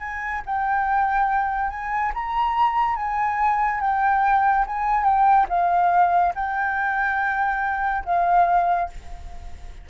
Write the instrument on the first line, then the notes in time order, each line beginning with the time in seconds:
flute
0.00 G#5
0.46 G5
1.70 G#5
2.14 A#5
2.97 G#5
3.81 G5
4.67 G#5
5.04 G5
5.49 F5
6.36 G5
8.06 F5